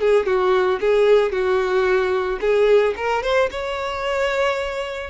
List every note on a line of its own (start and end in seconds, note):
0.00 0.26 G#4
0.26 0.79 F#4
0.80 1.32 G#4
1.32 2.39 F#4
2.41 2.94 G#4
2.96 3.23 A#4
3.23 3.49 C5
3.50 5.10 C#5